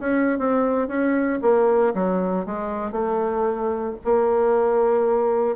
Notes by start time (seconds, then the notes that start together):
0.00 C#4
0.39 C4
0.88 C#4
1.42 A#3
1.94 F#3
2.46 G#3
2.92 A3
4.05 A#3